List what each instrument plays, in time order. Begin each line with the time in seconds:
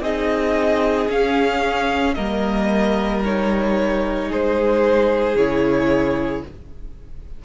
0.00 cello C4, viola D#4, violin G#4 D#5
1.08 viola C#4, cello C#4, violin F5
2.14 cello G3, viola A#3, violin A#4 D#5
3.24 viola D#4, violin C#5
4.28 cello G#3, violin G#4 C5
5.35 cello C#3, viola E4, violin C#5